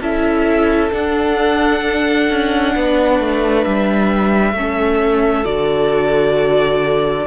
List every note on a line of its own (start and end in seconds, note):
0.00 0.91 C#4
0.00 0.91 E4
0.00 2.74 A4
0.00 0.93 E5
0.91 4.54 D4
0.91 2.29 D4
0.91 3.64 F#5
2.30 2.75 C#4
2.75 3.20 B3
2.75 4.54 B4
3.20 3.65 A3
3.64 4.53 G3
3.64 5.45 E5
4.53 5.44 A3
4.53 5.45 C#4
4.53 7.27 A4
5.45 7.27 D3
5.45 7.27 F#4
5.45 7.27 D5